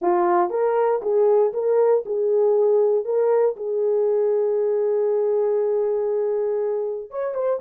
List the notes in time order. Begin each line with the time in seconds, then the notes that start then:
0.01 F4
0.50 A#4
1.01 G#4
1.53 A#4
2.05 G#4
3.04 A#4
3.56 G#4
7.10 C#5
7.34 C5